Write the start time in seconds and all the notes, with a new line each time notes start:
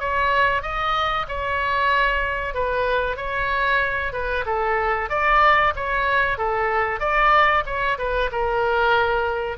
0.00 C#5
0.63 D#5
1.29 C#5
2.55 B4
3.17 C#5
4.13 B4
4.46 A4
5.10 D5
5.76 C#5
6.38 A4
7.00 D5
7.66 C#5
7.99 B4
8.32 A#4